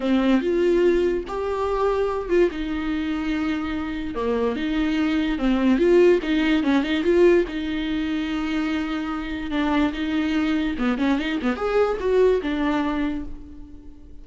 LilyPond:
\new Staff \with { instrumentName = "viola" } { \time 4/4 \tempo 4 = 145 c'4 f'2 g'4~ | g'4. f'8 dis'2~ | dis'2 ais4 dis'4~ | dis'4 c'4 f'4 dis'4 |
cis'8 dis'8 f'4 dis'2~ | dis'2. d'4 | dis'2 b8 cis'8 dis'8 b8 | gis'4 fis'4 d'2 | }